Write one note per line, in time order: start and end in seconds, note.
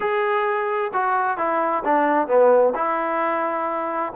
0.00 0.91 G#4
0.93 1.37 F#4
1.37 1.83 E4
1.84 2.27 D4
2.27 2.73 B3
2.75 4.12 E4